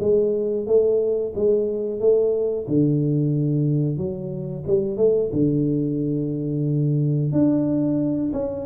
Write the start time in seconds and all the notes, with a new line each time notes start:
0.00 G#3
0.67 A3
1.35 G#3
2.00 A3
2.68 D3
3.97 F#3
4.67 G3
4.97 A3
5.33 D3
7.32 D4
8.33 C#4